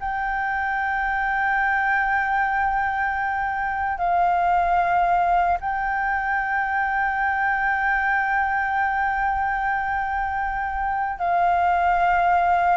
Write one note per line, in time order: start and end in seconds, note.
0.00 3.98 G5
3.98 5.58 F5
5.61 11.19 G5
11.19 12.77 F5